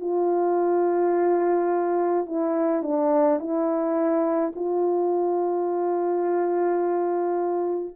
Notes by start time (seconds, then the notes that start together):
0.00 F4
2.26 E4
2.83 D4
3.39 E4
4.55 F4